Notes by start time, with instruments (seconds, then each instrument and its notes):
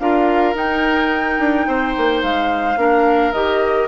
0.00 bassoon D4, clarinet F4, oboe A#4, flute F5
0.55 bassoon D#4, clarinet D#4, flute G5
1.39 bassoon D4
1.68 bassoon C4, oboe C5
1.98 bassoon A#3
2.23 bassoon G#3, flute F5
2.77 bassoon A#3, clarinet D4, oboe A#4
3.33 bassoon D#3, clarinet G4, flute D#5